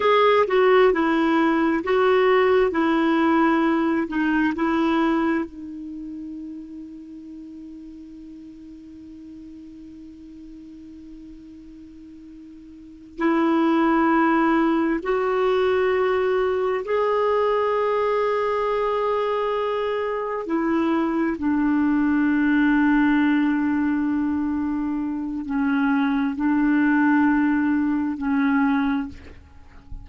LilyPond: \new Staff \with { instrumentName = "clarinet" } { \time 4/4 \tempo 4 = 66 gis'8 fis'8 e'4 fis'4 e'4~ | e'8 dis'8 e'4 dis'2~ | dis'1~ | dis'2~ dis'8 e'4.~ |
e'8 fis'2 gis'4.~ | gis'2~ gis'8 e'4 d'8~ | d'1 | cis'4 d'2 cis'4 | }